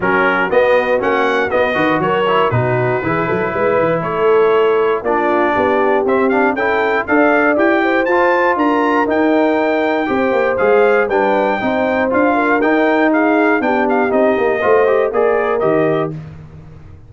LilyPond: <<
  \new Staff \with { instrumentName = "trumpet" } { \time 4/4 \tempo 4 = 119 ais'4 dis''4 fis''4 dis''4 | cis''4 b'2. | cis''2 d''2 | e''8 f''8 g''4 f''4 g''4 |
a''4 ais''4 g''2~ | g''4 f''4 g''2 | f''4 g''4 f''4 g''8 f''8 | dis''2 d''4 dis''4 | }
  \new Staff \with { instrumentName = "horn" } { \time 4/4 fis'2.~ fis'8 b'8 | ais'4 fis'4 gis'8 a'8 b'4 | a'2 f'4 g'4~ | g'4 a'4 d''4. c''8~ |
c''4 ais'2. | c''2 b'4 c''4~ | c''8 ais'4. gis'4 g'4~ | g'4 c''4 ais'2 | }
  \new Staff \with { instrumentName = "trombone" } { \time 4/4 cis'4 b4 cis'4 b8 fis'8~ | fis'8 e'8 dis'4 e'2~ | e'2 d'2 | c'8 d'8 e'4 a'4 g'4 |
f'2 dis'2 | g'4 gis'4 d'4 dis'4 | f'4 dis'2 d'4 | dis'4 f'8 g'8 gis'4 g'4 | }
  \new Staff \with { instrumentName = "tuba" } { \time 4/4 fis4 b4 ais4 b8 dis8 | fis4 b,4 e8 fis8 gis8 e8 | a2 ais4 b4 | c'4 cis'4 d'4 e'4 |
f'4 d'4 dis'2 | c'8 ais8 gis4 g4 c'4 | d'4 dis'2 b4 | c'8 ais8 a4 ais4 dis4 | }
>>